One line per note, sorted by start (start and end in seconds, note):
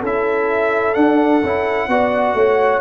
0.00 0.95 C#4
0.00 0.94 E4
0.00 1.88 A4
0.00 0.94 E5
0.94 1.41 D4
0.94 1.42 D4
0.94 2.81 F#5
1.43 1.87 C#4
1.43 1.89 E4
1.87 2.34 B3
1.87 2.81 F#4
1.87 2.36 D5
2.34 2.81 A3
2.34 2.81 C#5